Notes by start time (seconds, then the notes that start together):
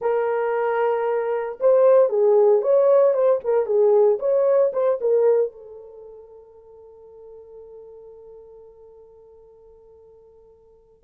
0.01 A#4
1.60 C5
2.09 G#4
2.61 C#5
3.13 C5
3.44 A#4
3.66 G#4
4.19 C#5
4.72 C5
5.00 A#4
5.51 A4